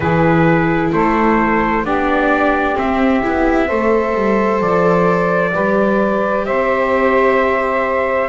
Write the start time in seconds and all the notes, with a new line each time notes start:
0.00 E3 E4 G#4 B4
0.92 A3 A4 C5
1.83 B3 D4 G4 D5
2.75 C4 E5
3.23 B3 E4
3.66 A3 A4 C5
4.14 G3
4.60 F3 D5
5.53 G3 G4 B4
6.45 C4 C5 E5